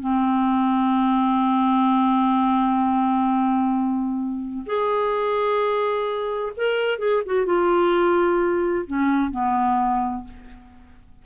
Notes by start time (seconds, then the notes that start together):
0.00 C4
4.66 G#4
6.57 A#4
6.99 G#4
7.26 F#4
7.46 F4
8.87 C#4
9.31 B3